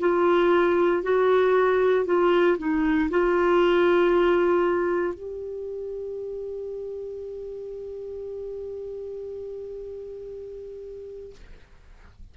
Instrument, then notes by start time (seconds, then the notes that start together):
clarinet
0.00 F4
1.03 F#4
2.05 F4
2.58 D#4
3.10 F4
5.14 G4